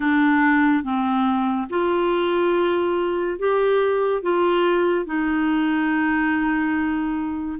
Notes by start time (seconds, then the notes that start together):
0.00 D4
0.83 C4
1.69 F4
3.38 G4
4.22 F4
5.05 D#4